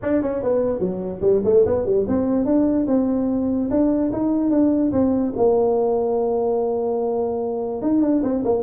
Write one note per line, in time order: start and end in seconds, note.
0.02 0.22 D4
0.22 0.42 C#4
0.42 0.79 B3
0.79 1.20 F#3
1.21 1.41 G3
1.44 1.65 A3
1.66 1.85 B3
1.85 2.06 G3
2.08 2.45 C4
2.45 2.86 D4
2.87 3.69 C4
3.70 4.11 D4
4.12 4.50 D#4
4.50 4.91 D4
4.91 5.33 C4
5.36 7.82 A#3
7.82 8.01 D#4
8.01 8.22 D4
8.22 8.43 C4
8.44 8.63 A#3